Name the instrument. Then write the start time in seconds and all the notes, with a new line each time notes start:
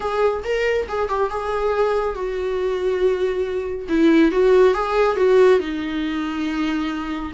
viola
0.00 G#4
0.44 A#4
0.88 G#4
1.09 G4
1.29 G#4
2.14 F#4
3.88 E4
4.31 F#4
4.74 G#4
5.16 F#4
5.59 D#4